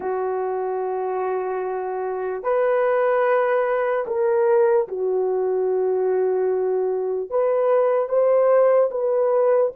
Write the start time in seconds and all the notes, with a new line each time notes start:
0.00 F#4
2.43 B4
4.06 A#4
4.88 F#4
7.30 B4
8.09 C5
8.90 B4